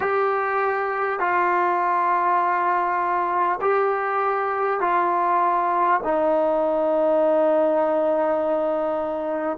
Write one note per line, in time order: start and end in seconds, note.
0.00 1.19 G4
1.19 3.59 F4
3.61 4.80 G4
4.80 6.00 F4
6.03 9.57 D#4